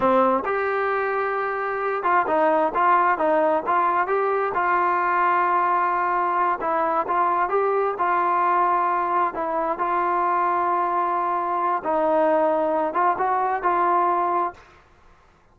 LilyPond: \new Staff \with { instrumentName = "trombone" } { \time 4/4 \tempo 4 = 132 c'4 g'2.~ | g'8 f'8 dis'4 f'4 dis'4 | f'4 g'4 f'2~ | f'2~ f'8 e'4 f'8~ |
f'8 g'4 f'2~ f'8~ | f'8 e'4 f'2~ f'8~ | f'2 dis'2~ | dis'8 f'8 fis'4 f'2 | }